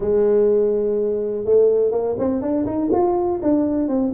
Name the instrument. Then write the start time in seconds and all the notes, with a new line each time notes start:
tuba
0.00 G#3
1.44 A3
1.91 A#3
2.18 C4
2.41 D4
2.66 D#4
2.92 F4
3.42 D4
3.88 C4